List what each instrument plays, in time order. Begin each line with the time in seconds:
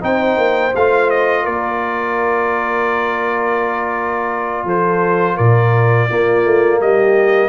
0.00 tuba C4, trombone D#4, horn C5, trumpet G5
0.37 tuba A#3
0.75 tuba A3, trombone F4, trumpet F5
1.10 trumpet D#5
1.43 tuba A#3, horn A#4, trumpet D5
4.64 tuba F3, horn A4, trumpet C5
5.36 tuba A#2, horn A#4, trumpet D5
6.08 trombone A#3, tuba A#3, horn F4
6.45 tuba A3
6.80 tuba G3, horn G4, trumpet D#5